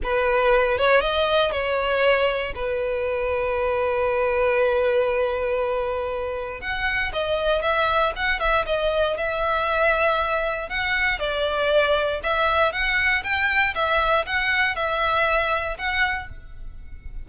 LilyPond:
\new Staff \with { instrumentName = "violin" } { \time 4/4 \tempo 4 = 118 b'4. cis''8 dis''4 cis''4~ | cis''4 b'2.~ | b'1~ | b'4 fis''4 dis''4 e''4 |
fis''8 e''8 dis''4 e''2~ | e''4 fis''4 d''2 | e''4 fis''4 g''4 e''4 | fis''4 e''2 fis''4 | }